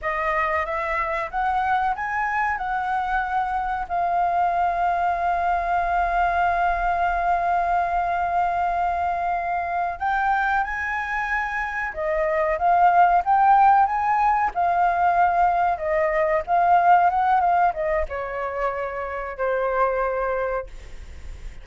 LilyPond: \new Staff \with { instrumentName = "flute" } { \time 4/4 \tempo 4 = 93 dis''4 e''4 fis''4 gis''4 | fis''2 f''2~ | f''1~ | f''2.~ f''8 g''8~ |
g''8 gis''2 dis''4 f''8~ | f''8 g''4 gis''4 f''4.~ | f''8 dis''4 f''4 fis''8 f''8 dis''8 | cis''2 c''2 | }